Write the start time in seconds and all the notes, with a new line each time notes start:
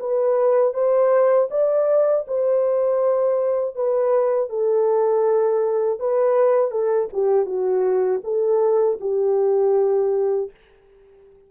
0.00 B4
0.74 C5
1.51 D5
2.27 C5
3.76 B4
4.50 A4
6.00 B4
6.71 A4
7.14 G4
7.46 F#4
8.24 A4
9.01 G4